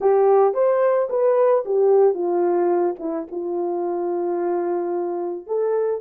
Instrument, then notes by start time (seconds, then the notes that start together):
horn
0.00 G4
0.54 C5
1.09 B4
1.65 G4
2.13 F4
2.99 E4
3.31 F4
5.46 A4